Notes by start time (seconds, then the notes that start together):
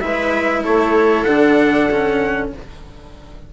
0.00 G#3 E4 B4 E5
0.62 A3 A4 C#5
1.23 D3 D4 F#5
1.90 C#4